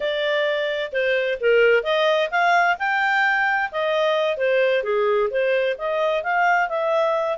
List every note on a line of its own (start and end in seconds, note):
0.00 0.91 D5
0.92 1.38 C5
1.40 1.83 A#4
1.83 2.29 D#5
2.31 2.77 F5
2.78 3.70 G5
3.71 4.37 D#5
4.37 4.83 C5
4.83 5.29 G#4
5.30 5.76 C5
5.78 6.23 D#5
6.23 6.68 F5
6.68 7.38 E5